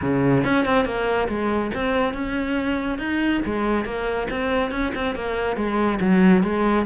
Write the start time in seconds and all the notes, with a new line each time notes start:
0.01 C#3
0.44 C#4
0.65 C4
0.85 A#3
1.28 G#3
1.74 C4
2.13 C#4
2.98 D#4
3.45 G#3
3.84 A#3
4.30 C4
4.71 C#4
4.94 C4
5.15 A#3
5.56 G#3
6.00 F#3
6.43 G#3